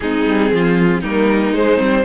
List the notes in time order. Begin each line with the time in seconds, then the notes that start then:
0.00 G#3 C4 D#4 G#4
0.25 G3
0.51 F3 F4
1.01 G3 A#3 D#4 A#4
1.53 G#3 C5
1.77 G3 C4